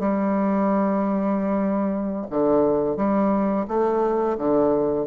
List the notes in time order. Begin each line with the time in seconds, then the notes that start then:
0.00 G3
2.31 D3
2.97 G3
3.68 A3
4.38 D3